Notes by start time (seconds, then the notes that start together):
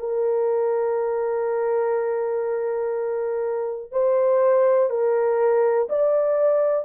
0.00 A#4
3.92 C5
4.90 A#4
5.90 D5